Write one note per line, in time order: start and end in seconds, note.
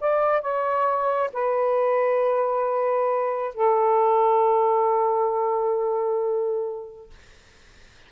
0.00 0.41 D5
0.41 1.30 C#5
1.33 3.54 B4
3.54 7.10 A4